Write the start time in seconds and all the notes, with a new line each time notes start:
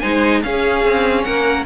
0.00 G#3 D#4 C5 G#5
0.43 C#4 G#4 F5
0.85 C4
1.23 A#3 A#4 F#5